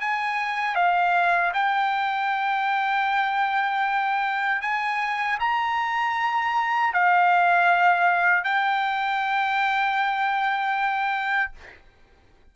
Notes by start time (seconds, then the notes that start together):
0.00 G#5
0.75 F5
1.54 G5
4.62 G#5
5.40 A#5
6.93 F5
8.44 G5